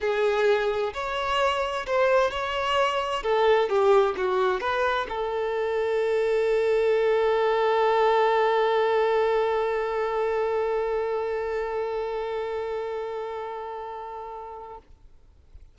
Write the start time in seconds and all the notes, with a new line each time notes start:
0.01 G#4
0.93 C#5
1.86 C5
2.30 C#5
3.23 A4
3.69 G4
4.16 F#4
4.60 B4
5.09 A4